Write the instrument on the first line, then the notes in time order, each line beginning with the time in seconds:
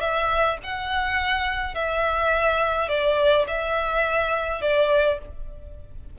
violin
0.00 E5
0.63 F#5
1.74 E5
2.88 D5
3.47 E5
4.61 D5